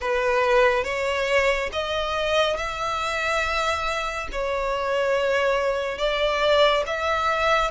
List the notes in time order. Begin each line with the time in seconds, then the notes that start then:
0.00 B4
0.84 C#5
1.72 D#5
2.56 E5
4.31 C#5
5.98 D5
6.86 E5